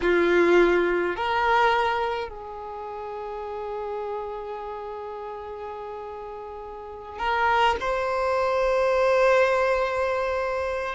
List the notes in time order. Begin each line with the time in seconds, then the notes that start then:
0.01 F4
1.16 A#4
2.28 G#4
7.18 A#4
7.80 C5